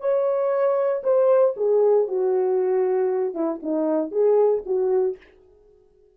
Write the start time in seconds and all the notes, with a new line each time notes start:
0.00 C#5
1.03 C5
1.56 G#4
2.08 F#4
3.34 E4
3.62 D#4
4.11 G#4
4.66 F#4